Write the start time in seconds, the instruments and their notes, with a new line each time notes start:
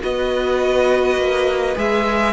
0.00 cello B3, viola F#4, violin B4 D#5
1.17 cello A#3
1.75 cello G#3, viola G#4, violin E5